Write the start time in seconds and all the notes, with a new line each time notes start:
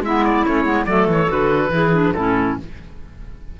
0.00 G#3 B3 E4 E5
0.24 D5
0.45 A3 C#4 C#5
0.64 G#3 B3
0.85 F#3 A3 A4 D5
1.07 E3 C#5
1.27 D3 F#4 B4
1.69 E3 E4 G#4
1.92 D4
2.14 A2 C#4 E4 A4